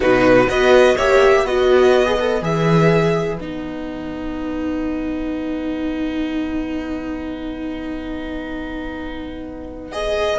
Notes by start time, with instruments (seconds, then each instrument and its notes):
0.00 cello B2, viola D#4, violin F#4 B4
0.47 cello B3, viola F#4, violin B4 D#5
0.96 cello A#3, viola G4, violin C#5 E5
1.43 cello B3, viola F#4, violin B4 D#5
2.05 viola G#4
2.19 viola A4
2.41 cello E3, viola G#4, violin E5
3.38 cello B3, viola D#4, violin F#5
9.91 viola G#4, violin D#5